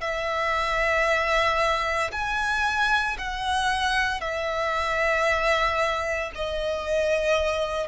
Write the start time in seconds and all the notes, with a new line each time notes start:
0.00 E5
2.11 G#5
3.18 F#5
4.20 E5
6.34 D#5